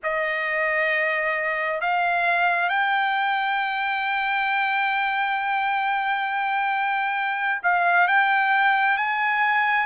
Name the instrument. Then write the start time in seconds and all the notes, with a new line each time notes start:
trumpet
0.02 D#5
1.80 F5
2.69 G5
7.62 F5
8.07 G5
8.97 G#5